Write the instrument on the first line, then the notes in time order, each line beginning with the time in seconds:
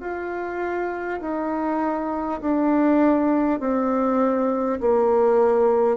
bassoon
0.00 F4
1.21 D#4
2.41 D4
3.60 C4
4.81 A#3